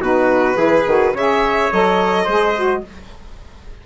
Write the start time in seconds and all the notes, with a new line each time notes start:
0.00 B2 D#4 F#4 B4
0.55 E3 E4 G#4
0.87 D#3 F#4
1.13 C#3 G#4 C#5 E5
1.72 F#3 A4 D#5
2.25 G#3 G#4 C5
2.57 F#4